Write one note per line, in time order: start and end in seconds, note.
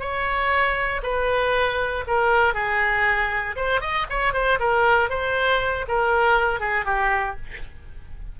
0.00 1.02 C#5
1.03 2.05 B4
2.07 2.54 A#4
2.54 3.56 G#4
3.56 3.81 C5
3.81 4.07 D#5
4.10 4.34 C#5
4.34 4.59 C5
4.60 5.10 A#4
5.10 5.86 C5
5.88 6.60 A#4
6.60 6.85 G#4
6.85 7.36 G4